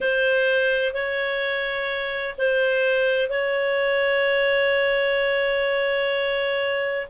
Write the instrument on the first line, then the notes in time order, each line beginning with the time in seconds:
clarinet
0.00 C5
0.93 C#5
2.38 C5
3.29 C#5